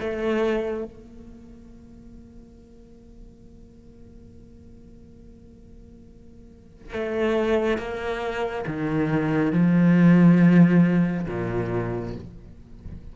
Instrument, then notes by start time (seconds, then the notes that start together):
cello
0.00 A3
0.85 A#3
6.93 A3
7.78 A#3
8.67 D#3
9.53 F3
11.28 A#2